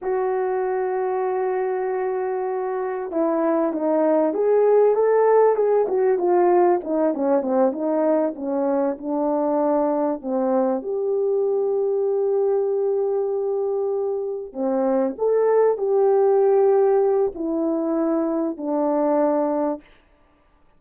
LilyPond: \new Staff \with { instrumentName = "horn" } { \time 4/4 \tempo 4 = 97 fis'1~ | fis'4 e'4 dis'4 gis'4 | a'4 gis'8 fis'8 f'4 dis'8 cis'8 | c'8 dis'4 cis'4 d'4.~ |
d'8 c'4 g'2~ g'8~ | g'2.~ g'8 c'8~ | c'8 a'4 g'2~ g'8 | e'2 d'2 | }